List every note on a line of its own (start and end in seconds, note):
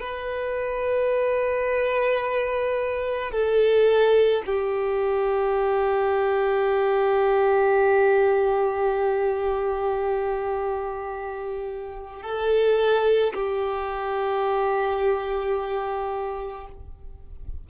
0.00 3.31 B4
3.31 4.42 A4
4.46 12.22 G4
12.22 13.33 A4
13.33 16.67 G4